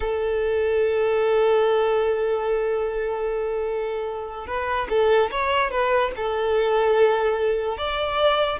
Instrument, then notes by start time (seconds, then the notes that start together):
violin
0.00 A4
4.46 B4
4.89 A4
5.31 C#5
5.71 B4
6.16 A4
7.77 D5